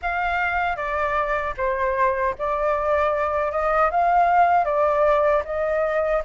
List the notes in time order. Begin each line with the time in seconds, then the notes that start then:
0.02 F5
0.76 D5
1.57 C5
2.38 D5
3.51 D#5
3.91 F5
4.64 D5
5.44 D#5